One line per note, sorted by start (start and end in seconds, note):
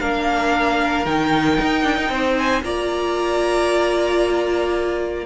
0.00 1.06 A#3
0.00 1.06 D4
0.00 2.11 A#4
0.00 1.05 F5
1.06 1.58 D#3
1.06 2.63 D#4
1.06 2.37 G5
1.61 1.84 D#4
1.84 1.96 D4
1.96 2.09 D#4
2.09 2.62 C4
2.09 2.64 C5
2.38 2.64 G#5
2.63 5.25 A#3
2.63 5.25 F4
2.63 5.25 D5
2.63 5.25 A#5